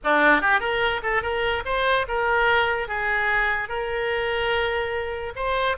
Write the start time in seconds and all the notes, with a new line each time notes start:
0.04 D4
0.41 G4
0.60 A#4
1.03 A4
1.22 A#4
1.65 C5
2.08 A#4
2.88 G#4
3.68 A#4
5.35 C5